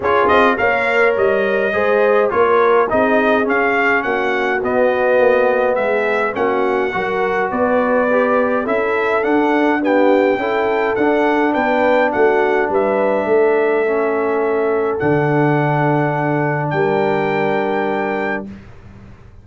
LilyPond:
<<
  \new Staff \with { instrumentName = "trumpet" } { \time 4/4 \tempo 4 = 104 cis''8 dis''8 f''4 dis''2 | cis''4 dis''4 f''4 fis''4 | dis''2 e''4 fis''4~ | fis''4 d''2 e''4 |
fis''4 g''2 fis''4 | g''4 fis''4 e''2~ | e''2 fis''2~ | fis''4 g''2. | }
  \new Staff \with { instrumentName = "horn" } { \time 4/4 gis'4 cis''2 c''4 | ais'4 gis'2 fis'4~ | fis'2 gis'4 fis'4 | ais'4 b'2 a'4~ |
a'4 g'4 a'2 | b'4 fis'4 b'4 a'4~ | a'1~ | a'4 ais'2. | }
  \new Staff \with { instrumentName = "trombone" } { \time 4/4 f'4 ais'2 gis'4 | f'4 dis'4 cis'2 | b2. cis'4 | fis'2 g'4 e'4 |
d'4 b4 e'4 d'4~ | d'1 | cis'2 d'2~ | d'1 | }
  \new Staff \with { instrumentName = "tuba" } { \time 4/4 cis'8 c'8 ais4 g4 gis4 | ais4 c'4 cis'4 ais4 | b4 ais4 gis4 ais4 | fis4 b2 cis'4 |
d'2 cis'4 d'4 | b4 a4 g4 a4~ | a2 d2~ | d4 g2. | }
>>